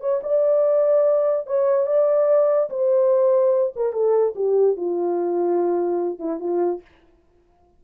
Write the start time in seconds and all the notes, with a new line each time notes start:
0.00 C#5
0.23 D5
1.47 C#5
1.87 D5
2.70 C5
3.76 A#4
3.93 A4
4.35 G4
4.77 F4
6.19 E4
6.40 F4